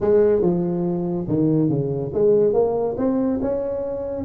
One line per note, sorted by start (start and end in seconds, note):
0.01 0.41 G#3
0.41 1.26 F3
1.28 1.69 D#3
1.69 2.12 C#3
2.13 2.53 G#3
2.53 2.96 A#3
2.97 3.40 C4
3.41 4.24 C#4